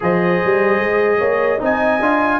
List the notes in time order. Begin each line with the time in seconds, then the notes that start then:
0.00 F3 G#4 C5 D#5
0.44 G3
0.79 G#3
1.18 A#3 C#5
1.58 C4 D#4 D#5
1.64 G#5
2.00 D4 F4